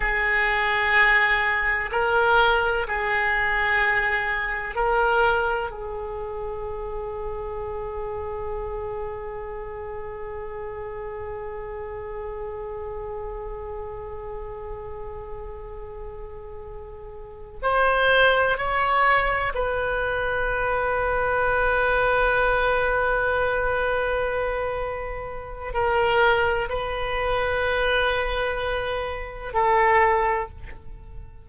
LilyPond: \new Staff \with { instrumentName = "oboe" } { \time 4/4 \tempo 4 = 63 gis'2 ais'4 gis'4~ | gis'4 ais'4 gis'2~ | gis'1~ | gis'1~ |
gis'2~ gis'8 c''4 cis''8~ | cis''8 b'2.~ b'8~ | b'2. ais'4 | b'2. a'4 | }